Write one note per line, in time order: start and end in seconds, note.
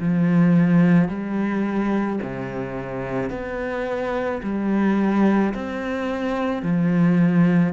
0.00 1.09 F3
1.09 2.20 G3
2.23 3.30 C3
3.30 4.41 B3
4.42 5.54 G3
5.54 6.62 C4
6.62 7.73 F3